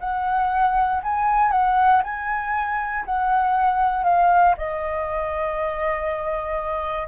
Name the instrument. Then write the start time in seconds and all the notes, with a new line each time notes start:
flute
0.00 F#5
1.03 G#5
1.52 F#5
2.03 G#5
3.05 F#5
4.04 F5
4.57 D#5